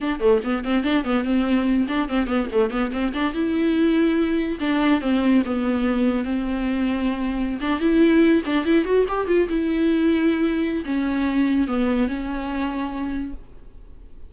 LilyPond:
\new Staff \with { instrumentName = "viola" } { \time 4/4 \tempo 4 = 144 d'8 a8 b8 c'8 d'8 b8 c'4~ | c'8 d'8 c'8 b8 a8 b8 c'8 d'8 | e'2. d'4 | c'4 b2 c'4~ |
c'2~ c'16 d'8 e'4~ e'16~ | e'16 d'8 e'8 fis'8 g'8 f'8 e'4~ e'16~ | e'2 cis'2 | b4 cis'2. | }